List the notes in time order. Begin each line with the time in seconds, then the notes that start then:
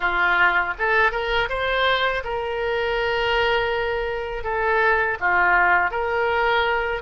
0.00 F4
0.78 A4
1.11 A#4
1.48 C5
2.24 A#4
4.43 A4
5.20 F4
5.91 A#4